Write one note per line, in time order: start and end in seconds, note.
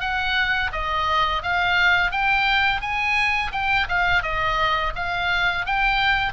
0.00 0.71 F#5
0.72 1.42 D#5
1.42 2.11 F5
2.11 2.81 G5
2.81 3.51 G#5
3.52 3.87 G5
3.88 4.23 F5
4.23 4.93 D#5
4.95 5.66 F5
5.66 6.33 G5